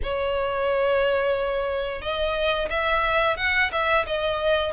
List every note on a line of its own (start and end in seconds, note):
0.03 2.01 C#5
2.01 2.68 D#5
2.69 3.36 E5
3.36 3.70 F#5
3.71 4.05 E5
4.06 4.72 D#5